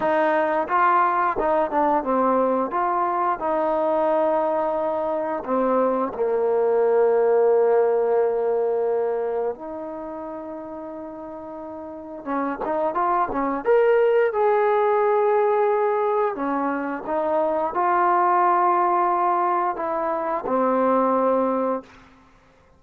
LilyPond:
\new Staff \with { instrumentName = "trombone" } { \time 4/4 \tempo 4 = 88 dis'4 f'4 dis'8 d'8 c'4 | f'4 dis'2. | c'4 ais2.~ | ais2 dis'2~ |
dis'2 cis'8 dis'8 f'8 cis'8 | ais'4 gis'2. | cis'4 dis'4 f'2~ | f'4 e'4 c'2 | }